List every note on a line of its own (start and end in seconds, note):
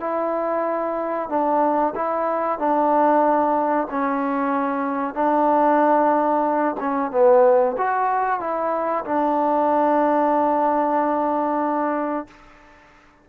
0.00 1.29 E4
1.29 1.94 D4
1.95 2.59 E4
2.59 3.88 D4
3.90 5.14 C#4
5.14 6.76 D4
6.80 7.11 C#4
7.11 7.76 B3
7.77 8.40 F#4
8.40 9.04 E4
9.05 12.27 D4